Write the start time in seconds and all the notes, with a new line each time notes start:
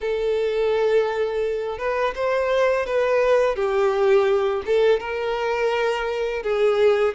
0.01 A4
1.78 B4
2.15 C5
2.86 B4
3.55 G4
4.66 A4
4.99 A#4
6.43 G#4